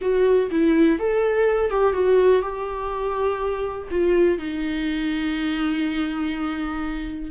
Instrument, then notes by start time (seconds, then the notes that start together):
viola
0.01 F#4
0.50 E4
0.99 A4
1.70 G4
1.93 F#4
2.42 G4
3.90 F4
4.38 D#4